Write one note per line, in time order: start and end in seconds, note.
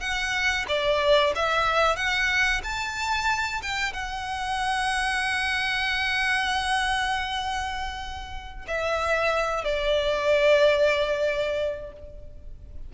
0.00 0.65 F#5
0.68 1.33 D5
1.35 1.96 E5
1.96 2.61 F#5
2.63 3.61 A5
3.62 3.93 G5
3.93 8.66 F#5
8.67 9.64 E5
9.64 11.92 D5